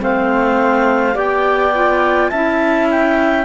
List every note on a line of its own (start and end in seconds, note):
0.00 1.15 A3
0.00 1.13 C4
0.00 1.14 C5
0.00 1.17 F5
1.13 2.31 B3
1.13 1.71 G4
1.13 2.30 D5
1.13 2.29 G5
1.74 2.32 F4
2.29 3.45 C#4
2.29 3.45 E4
2.29 3.45 E5
2.29 2.86 A5
2.90 3.45 G5